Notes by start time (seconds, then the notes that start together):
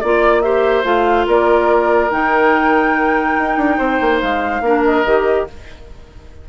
0.00 A#3 F4 D5
0.42 G4 C5 E5
0.83 A3 F4 F5
1.26 A#3 A#4 D5
2.10 D#3 D#4 G5
3.38 D#4
3.57 D4
3.77 C4 C5
4.00 A#3
4.21 G#3 F5
4.60 A#3 D4 A#4
4.84 D#5
5.05 D#3 G4